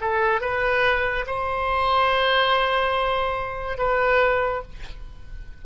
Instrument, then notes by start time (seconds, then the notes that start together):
oboe
0.00 A4
0.41 B4
1.26 C5
3.78 B4